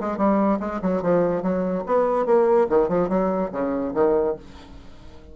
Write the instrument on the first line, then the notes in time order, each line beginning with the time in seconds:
bassoon
0.00 G#3
0.18 G3
0.60 G#3
0.82 F#3
1.02 F3
1.43 F#3
1.86 B3
2.26 A#3
2.69 D#3
2.89 F3
3.09 F#3
3.52 C#3
3.94 D#3